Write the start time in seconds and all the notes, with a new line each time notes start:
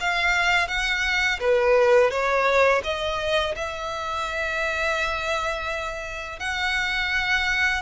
0.00 F5
0.68 F#5
1.40 B4
2.10 C#5
2.84 D#5
3.56 E5
6.39 F#5